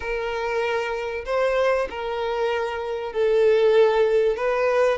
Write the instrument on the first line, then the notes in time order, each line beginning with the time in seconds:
violin
0.00 A#4
1.25 C5
1.89 A#4
3.12 A4
4.36 B4